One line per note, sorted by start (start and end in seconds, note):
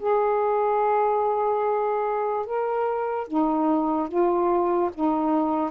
0.00 2.46 G#4
2.46 3.28 A#4
3.28 4.08 D#4
4.08 4.91 F4
4.94 5.70 D#4